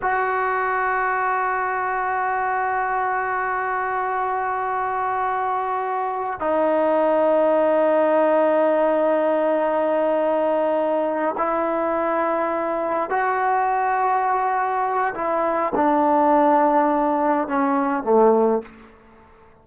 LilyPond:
\new Staff \with { instrumentName = "trombone" } { \time 4/4 \tempo 4 = 103 fis'1~ | fis'1~ | fis'2. dis'4~ | dis'1~ |
dis'2.~ dis'8 e'8~ | e'2~ e'8 fis'4.~ | fis'2 e'4 d'4~ | d'2 cis'4 a4 | }